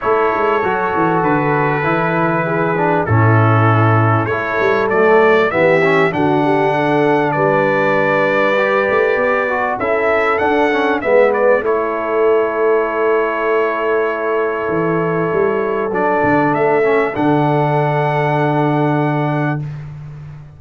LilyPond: <<
  \new Staff \with { instrumentName = "trumpet" } { \time 4/4 \tempo 4 = 98 cis''2 b'2~ | b'4 a'2 cis''4 | d''4 e''4 fis''2 | d''1 |
e''4 fis''4 e''8 d''8 cis''4~ | cis''1~ | cis''2 d''4 e''4 | fis''1 | }
  \new Staff \with { instrumentName = "horn" } { \time 4/4 a'1 | gis'4 e'2 a'4~ | a'4 g'4 fis'8 g'8 a'4 | b'1 |
a'2 b'4 a'4~ | a'1~ | a'1~ | a'1 | }
  \new Staff \with { instrumentName = "trombone" } { \time 4/4 e'4 fis'2 e'4~ | e'8 d'8 cis'2 e'4 | a4 b8 cis'8 d'2~ | d'2 g'4. fis'8 |
e'4 d'8 cis'8 b4 e'4~ | e'1~ | e'2 d'4. cis'8 | d'1 | }
  \new Staff \with { instrumentName = "tuba" } { \time 4/4 a8 gis8 fis8 e8 d4 e4~ | e4 a,2 a8 g8 | fis4 e4 d2 | g2~ g8 a8 b4 |
cis'4 d'4 gis4 a4~ | a1 | e4 g4 fis8 d8 a4 | d1 | }
>>